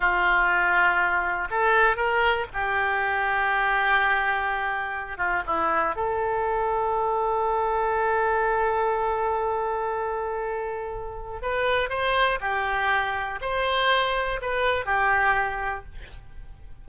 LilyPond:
\new Staff \with { instrumentName = "oboe" } { \time 4/4 \tempo 4 = 121 f'2. a'4 | ais'4 g'2.~ | g'2~ g'8 f'8 e'4 | a'1~ |
a'1~ | a'2. b'4 | c''4 g'2 c''4~ | c''4 b'4 g'2 | }